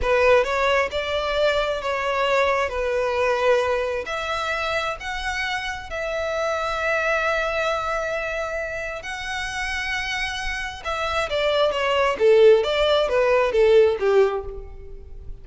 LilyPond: \new Staff \with { instrumentName = "violin" } { \time 4/4 \tempo 4 = 133 b'4 cis''4 d''2 | cis''2 b'2~ | b'4 e''2 fis''4~ | fis''4 e''2.~ |
e''1 | fis''1 | e''4 d''4 cis''4 a'4 | d''4 b'4 a'4 g'4 | }